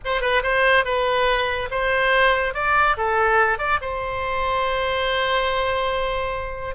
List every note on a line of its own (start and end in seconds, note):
0.04 0.21 C5
0.21 0.42 B4
0.42 0.84 C5
0.84 1.69 B4
1.70 2.54 C5
2.54 2.96 D5
2.97 3.58 A4
3.58 3.79 D5
3.81 6.75 C5